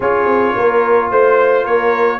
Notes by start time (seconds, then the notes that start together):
0.00 C#4 F4 G#4 C#5
0.25 C4
0.55 A#3 A#4
1.10 A3 C5
1.64 A#3 A#4 C#5